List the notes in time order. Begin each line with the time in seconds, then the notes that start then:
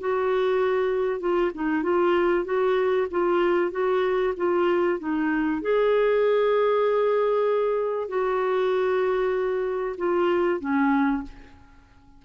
0.00 F#4
1.20 F4
1.55 D#4
1.83 F4
2.45 F#4
3.11 F4
3.71 F#4
4.37 F4
4.99 D#4
5.62 G#4
8.08 F#4
9.98 F4
10.60 C#4